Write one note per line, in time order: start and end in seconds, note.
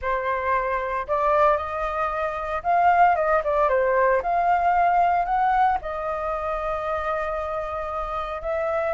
0.01 1.06 C5
1.07 1.57 D5
1.57 2.62 D#5
2.63 3.15 F5
3.15 3.42 D#5
3.44 3.68 D5
3.68 4.21 C5
4.22 5.25 F5
5.25 5.78 F#5
5.81 8.41 D#5
8.41 8.93 E5